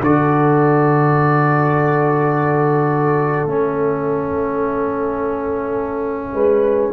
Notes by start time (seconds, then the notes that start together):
0.00 D3 F#4 A4 D5
3.45 A3 C#4 E5
6.33 G#3 B4